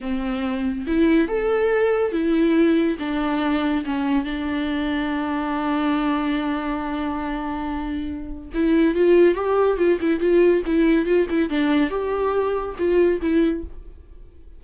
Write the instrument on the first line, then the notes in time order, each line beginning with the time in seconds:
viola
0.00 C4
0.86 E4
1.28 A4
2.12 E4
2.99 D4
3.85 C#4
4.24 D4
8.54 E4
8.94 F4
9.35 G4
9.77 F4
10.00 E4
10.20 F4
10.66 E4
11.05 F4
11.29 E4
11.49 D4
11.90 G4
12.78 F4
13.21 E4